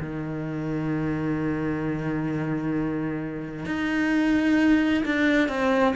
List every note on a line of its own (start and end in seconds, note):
0.00 3.66 D#3
3.66 5.04 D#4
5.05 5.48 D4
5.48 5.95 C4